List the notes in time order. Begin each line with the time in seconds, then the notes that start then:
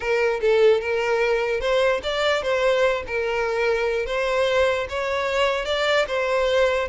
0.00 A#4
0.41 A4
0.81 A#4
1.60 C5
2.03 D5
2.42 C5
3.07 A#4
4.06 C5
4.89 C#5
5.65 D5
6.07 C5